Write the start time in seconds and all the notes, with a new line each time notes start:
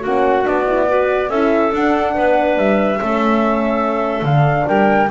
0.00 A#3 C#4 F#4 F#5
0.44 B3 D4 D5
0.67 E4
0.88 F#4 B4
1.29 C#4 E4 A4 E5
1.72 D4 F#5
2.14 B3 B4
2.57 G3 E5
2.98 A3 C#4 A4
4.21 D3 D4 F5
4.66 G3 A#4 G5